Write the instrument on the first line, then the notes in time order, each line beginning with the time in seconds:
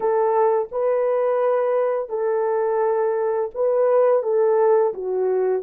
horn
0.00 A4
0.71 B4
2.09 A4
3.54 B4
4.22 A4
4.93 F#4